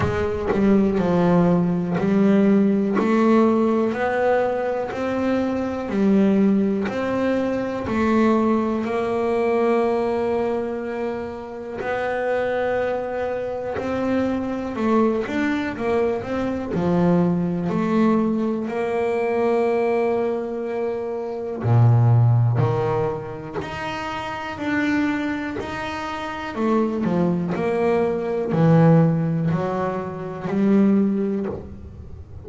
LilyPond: \new Staff \with { instrumentName = "double bass" } { \time 4/4 \tempo 4 = 61 gis8 g8 f4 g4 a4 | b4 c'4 g4 c'4 | a4 ais2. | b2 c'4 a8 d'8 |
ais8 c'8 f4 a4 ais4~ | ais2 ais,4 dis4 | dis'4 d'4 dis'4 a8 f8 | ais4 e4 fis4 g4 | }